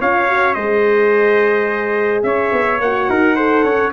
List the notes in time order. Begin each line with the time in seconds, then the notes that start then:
0.00 C#4 F4 C#5 F5
0.27 F#4
0.53 G#3 G#4 C5 D#5
2.23 C#4 C#5 E5
2.52 B3
2.80 A#3 F#4 F#5
3.08 D#4 A#4
3.36 A4 C5
3.63 C#4 C#5